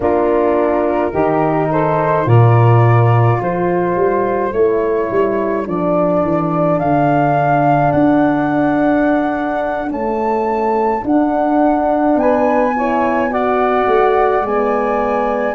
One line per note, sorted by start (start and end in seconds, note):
0.00 1.12 A#3
0.00 1.12 D4
0.00 1.11 F4
0.00 1.72 A#4
1.11 2.26 D#3
1.11 2.25 D#4
1.11 1.68 G4
1.71 2.26 A4
1.71 2.28 C5
2.25 3.39 A#2
2.25 4.52 F4
2.25 3.38 A#4
2.25 3.41 D5
3.38 3.95 F3
3.38 12.16 A4
3.38 4.53 C5
3.95 4.52 G3
4.52 5.09 A3
4.52 5.65 E4
4.52 5.66 C#5
5.10 5.67 G3
5.65 6.22 F3
5.65 9.89 D4
5.65 6.79 D5
6.22 6.79 E3
6.79 7.92 D3
6.79 7.91 F5
7.91 9.89 D4
7.91 9.89 F#5
9.89 11.02 A3
9.89 11.02 C#4
9.89 11.04 A5
11.02 12.72 D4
11.02 12.15 D4
11.02 12.19 F#5
12.15 13.85 B3
12.15 12.76 B4
12.15 13.32 G#5
12.75 13.29 E4
12.75 13.31 C#5
13.29 14.42 F#4
13.29 15.54 D5
13.29 14.45 F#5
13.87 14.41 A3
14.41 15.54 G#3
14.41 15.54 B3
14.41 15.54 G#5